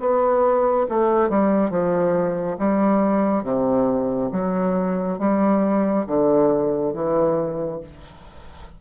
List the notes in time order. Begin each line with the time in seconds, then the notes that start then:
0.00 B3
0.89 A3
1.30 G3
1.70 F3
2.59 G3
3.43 C3
4.32 F#3
5.19 G3
6.07 D3
6.93 E3